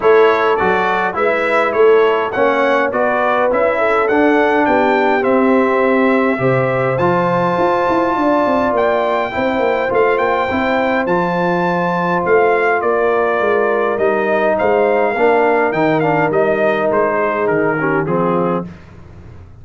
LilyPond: <<
  \new Staff \with { instrumentName = "trumpet" } { \time 4/4 \tempo 4 = 103 cis''4 d''4 e''4 cis''4 | fis''4 d''4 e''4 fis''4 | g''4 e''2. | a''2. g''4~ |
g''4 f''8 g''4. a''4~ | a''4 f''4 d''2 | dis''4 f''2 g''8 f''8 | dis''4 c''4 ais'4 gis'4 | }
  \new Staff \with { instrumentName = "horn" } { \time 4/4 a'2 b'4 a'4 | cis''4 b'4. a'4. | g'2. c''4~ | c''2 d''2 |
c''1~ | c''2 ais'2~ | ais'4 c''4 ais'2~ | ais'4. gis'4 g'8 f'4 | }
  \new Staff \with { instrumentName = "trombone" } { \time 4/4 e'4 fis'4 e'2 | cis'4 fis'4 e'4 d'4~ | d'4 c'2 g'4 | f'1 |
e'4 f'4 e'4 f'4~ | f'1 | dis'2 d'4 dis'8 d'8 | dis'2~ dis'8 cis'8 c'4 | }
  \new Staff \with { instrumentName = "tuba" } { \time 4/4 a4 fis4 gis4 a4 | ais4 b4 cis'4 d'4 | b4 c'2 c4 | f4 f'8 e'8 d'8 c'8 ais4 |
c'8 ais8 a8 ais8 c'4 f4~ | f4 a4 ais4 gis4 | g4 gis4 ais4 dis4 | g4 gis4 dis4 f4 | }
>>